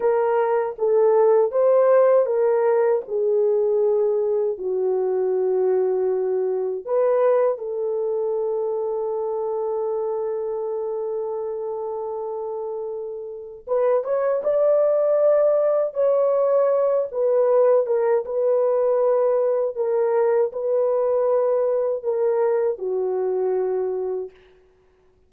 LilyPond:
\new Staff \with { instrumentName = "horn" } { \time 4/4 \tempo 4 = 79 ais'4 a'4 c''4 ais'4 | gis'2 fis'2~ | fis'4 b'4 a'2~ | a'1~ |
a'2 b'8 cis''8 d''4~ | d''4 cis''4. b'4 ais'8 | b'2 ais'4 b'4~ | b'4 ais'4 fis'2 | }